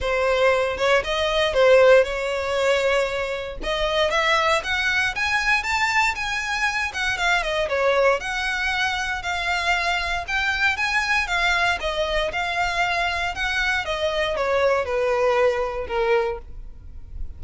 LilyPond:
\new Staff \with { instrumentName = "violin" } { \time 4/4 \tempo 4 = 117 c''4. cis''8 dis''4 c''4 | cis''2. dis''4 | e''4 fis''4 gis''4 a''4 | gis''4. fis''8 f''8 dis''8 cis''4 |
fis''2 f''2 | g''4 gis''4 f''4 dis''4 | f''2 fis''4 dis''4 | cis''4 b'2 ais'4 | }